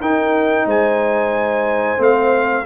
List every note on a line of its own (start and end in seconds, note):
0.00 0.66 D#4
0.00 1.97 D#4
0.00 0.66 A#4
0.00 0.68 G5
0.66 1.98 G#3
0.66 2.66 C5
0.66 2.02 G#5
1.97 2.65 A3
1.97 2.64 C4
1.97 2.66 F5